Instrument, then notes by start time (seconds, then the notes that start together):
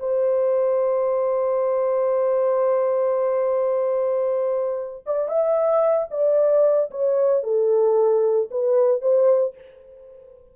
horn
0.00 C5
5.07 D5
5.29 E5
6.11 D5
6.91 C#5
7.44 A4
8.51 B4
9.02 C5